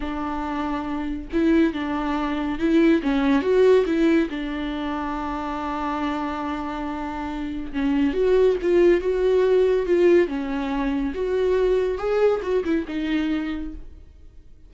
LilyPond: \new Staff \with { instrumentName = "viola" } { \time 4/4 \tempo 4 = 140 d'2. e'4 | d'2 e'4 cis'4 | fis'4 e'4 d'2~ | d'1~ |
d'2 cis'4 fis'4 | f'4 fis'2 f'4 | cis'2 fis'2 | gis'4 fis'8 e'8 dis'2 | }